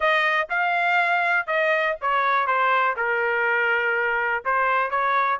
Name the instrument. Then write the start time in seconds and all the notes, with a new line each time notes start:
trumpet
0.00 D#5
0.49 F5
1.46 D#5
2.01 C#5
2.46 C5
2.96 A#4
4.44 C5
4.90 C#5